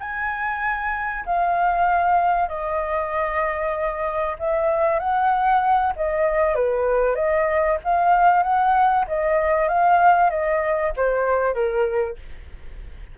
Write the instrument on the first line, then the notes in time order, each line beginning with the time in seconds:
flute
0.00 G#5
1.26 F5
2.49 D#5
4.39 E5
4.99 F#5
5.96 D#5
6.55 B4
7.15 D#5
7.84 F5
8.43 F#5
9.08 D#5
9.68 F5
10.30 D#5
10.97 C5
11.54 A#4